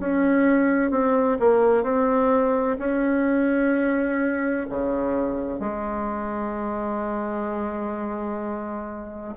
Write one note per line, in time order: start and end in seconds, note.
0.00 0.91 C#4
0.91 1.38 C4
1.40 1.84 A#3
1.84 2.77 C4
2.79 4.67 C#4
4.70 5.60 C#3
5.60 9.35 G#3